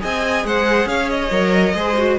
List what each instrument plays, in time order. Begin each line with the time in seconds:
0.00 cello C4, viola G#4, violin D#5 G#5
0.45 cello G#3, violin C5 F#5
0.86 cello C#4, violin C#5 F5
1.11 violin D#5
1.31 cello F#3, viola A#4
1.75 cello G#3, viola G#4, violin C5
1.98 viola F#4